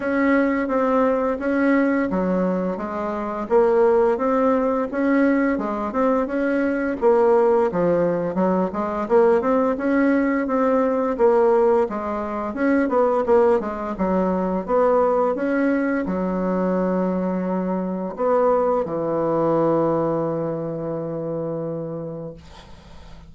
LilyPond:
\new Staff \with { instrumentName = "bassoon" } { \time 4/4 \tempo 4 = 86 cis'4 c'4 cis'4 fis4 | gis4 ais4 c'4 cis'4 | gis8 c'8 cis'4 ais4 f4 | fis8 gis8 ais8 c'8 cis'4 c'4 |
ais4 gis4 cis'8 b8 ais8 gis8 | fis4 b4 cis'4 fis4~ | fis2 b4 e4~ | e1 | }